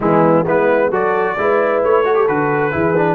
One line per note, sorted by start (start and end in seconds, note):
0.00 0.45 E3
0.00 0.45 G#3
0.00 0.44 B3
0.00 0.46 E4
0.44 0.90 G#3
0.44 0.91 B3
0.44 0.89 E4
0.44 0.93 B4
0.90 1.36 F#3
0.90 1.37 F#4
0.90 1.35 A4
0.90 1.83 D5
1.37 1.83 G#3
1.37 2.04 E4
1.37 2.07 B4
1.83 2.28 A3
1.83 2.27 C#5
2.04 2.14 F#4
2.04 2.72 A4
2.14 2.26 G4
2.27 2.73 D3
2.27 2.71 F#4
2.27 3.14 B4
2.71 3.14 E3
2.71 2.94 E4
2.71 3.14 G#4
2.96 3.14 D4